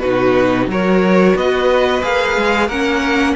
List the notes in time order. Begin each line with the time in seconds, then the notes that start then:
0.00 B2 D#4 F#4 B4
0.68 F#3 F#4 A#4 C#5
1.36 B3 B4 D#5
2.02 A#3 G#4 F5
2.37 G#3
2.67 A#3 C#4 A#4 F#5